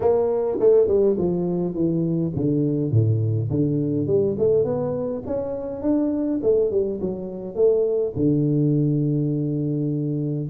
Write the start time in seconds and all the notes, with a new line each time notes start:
0.00 A#3
0.59 A3
0.87 G3
1.18 F3
1.74 E3
2.35 D3
2.91 A2
3.50 D3
4.06 G3
4.38 A3
4.64 B3
5.26 C#4
5.82 D4
6.42 A3
6.70 G3
7.00 F#3
7.55 A3
8.16 D3